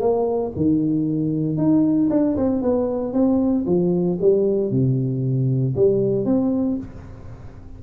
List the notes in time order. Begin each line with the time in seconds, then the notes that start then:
0.00 A#3
0.56 D#3
1.57 D#4
2.10 D4
2.37 C4
2.62 B3
3.13 C4
3.66 F3
4.21 G3
4.71 C3
5.76 G3
6.25 C4